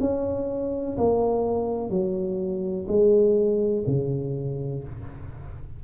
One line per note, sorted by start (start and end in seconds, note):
0.00 0.97 C#4
0.98 1.90 A#3
1.90 2.86 F#3
2.88 3.84 G#3
3.87 4.83 C#3